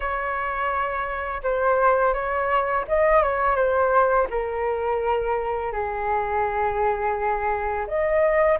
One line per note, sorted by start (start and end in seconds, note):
0.00 1.41 C#5
1.43 2.13 C5
2.13 2.84 C#5
2.87 3.22 D#5
3.22 3.55 C#5
3.55 4.27 C5
4.30 5.72 A#4
5.72 7.86 G#4
7.87 8.58 D#5